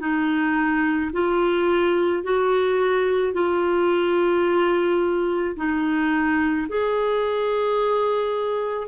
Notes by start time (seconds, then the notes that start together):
0.00 D#4
1.13 F4
2.24 F#4
3.34 F4
5.57 D#4
6.69 G#4